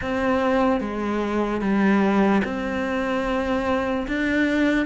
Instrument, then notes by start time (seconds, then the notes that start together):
cello
0.01 C4
0.80 G#3
1.61 G3
2.44 C4
4.07 D4